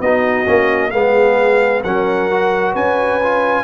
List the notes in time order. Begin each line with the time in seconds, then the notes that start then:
0.00 B3 D#4 F#4 D#5
0.46 A#3 C#4
0.91 G#3 B3 G#4 F5
1.84 F#3 C#4 A#4 F#5
2.31 F#4
2.72 C#4 B4 G#5
3.23 F4